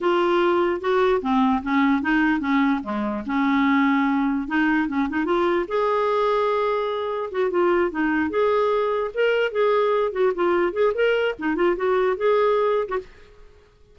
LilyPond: \new Staff \with { instrumentName = "clarinet" } { \time 4/4 \tempo 4 = 148 f'2 fis'4 c'4 | cis'4 dis'4 cis'4 gis4 | cis'2. dis'4 | cis'8 dis'8 f'4 gis'2~ |
gis'2 fis'8 f'4 dis'8~ | dis'8 gis'2 ais'4 gis'8~ | gis'4 fis'8 f'4 gis'8 ais'4 | dis'8 f'8 fis'4 gis'4.~ gis'16 fis'16 | }